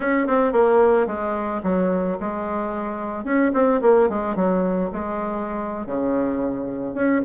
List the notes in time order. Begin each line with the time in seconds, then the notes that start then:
0.00 C#4
0.27 C4
0.52 A#3
1.06 G#3
1.63 F#3
2.20 G#3
3.24 C#4
3.53 C4
3.81 A#3
4.09 G#3
4.35 F#3
4.92 G#3
5.86 C#3
6.94 C#4